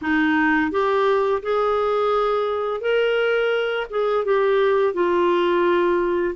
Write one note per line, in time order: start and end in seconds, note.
0.01 0.71 D#4
0.71 1.41 G4
1.42 2.80 G#4
2.80 3.86 A#4
3.90 4.24 G#4
4.24 4.93 G4
4.93 6.34 F4